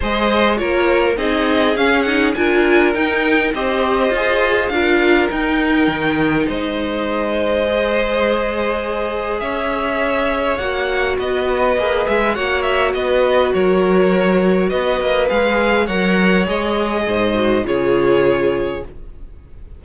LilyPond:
<<
  \new Staff \with { instrumentName = "violin" } { \time 4/4 \tempo 4 = 102 dis''4 cis''4 dis''4 f''8 fis''8 | gis''4 g''4 dis''2 | f''4 g''2 dis''4~ | dis''1 |
e''2 fis''4 dis''4~ | dis''8 e''8 fis''8 e''8 dis''4 cis''4~ | cis''4 dis''4 f''4 fis''4 | dis''2 cis''2 | }
  \new Staff \with { instrumentName = "violin" } { \time 4/4 c''4 ais'4 gis'2 | ais'2 c''2 | ais'2. c''4~ | c''1 |
cis''2. b'4~ | b'4 cis''4 b'4 ais'4~ | ais'4 b'2 cis''4~ | cis''4 c''4 gis'2 | }
  \new Staff \with { instrumentName = "viola" } { \time 4/4 gis'4 f'4 dis'4 cis'8 dis'8 | f'4 dis'4 g'4 gis'4 | f'4 dis'2.~ | dis'4 gis'2.~ |
gis'2 fis'2 | gis'4 fis'2.~ | fis'2 gis'4 ais'4 | gis'4. fis'8 f'2 | }
  \new Staff \with { instrumentName = "cello" } { \time 4/4 gis4 ais4 c'4 cis'4 | d'4 dis'4 c'4 f'4 | d'4 dis'4 dis4 gis4~ | gis1 |
cis'2 ais4 b4 | ais8 gis8 ais4 b4 fis4~ | fis4 b8 ais8 gis4 fis4 | gis4 gis,4 cis2 | }
>>